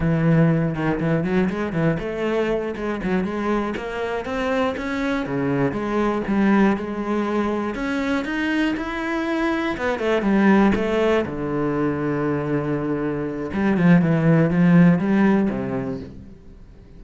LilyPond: \new Staff \with { instrumentName = "cello" } { \time 4/4 \tempo 4 = 120 e4. dis8 e8 fis8 gis8 e8 | a4. gis8 fis8 gis4 ais8~ | ais8 c'4 cis'4 cis4 gis8~ | gis8 g4 gis2 cis'8~ |
cis'8 dis'4 e'2 b8 | a8 g4 a4 d4.~ | d2. g8 f8 | e4 f4 g4 c4 | }